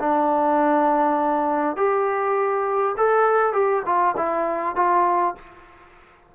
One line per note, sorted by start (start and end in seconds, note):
0.00 1.77 D4
1.77 2.96 G4
2.98 3.53 A4
3.53 3.83 G4
3.86 4.16 F4
4.17 4.76 E4
4.76 5.35 F4